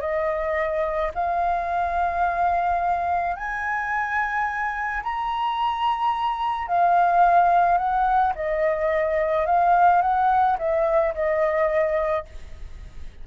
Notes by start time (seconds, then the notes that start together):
0.00 D#5
1.14 F5
3.36 G#5
5.03 A#5
6.67 F5
7.77 F#5
8.35 D#5
9.45 F5
10.01 F#5
10.58 E5
11.14 D#5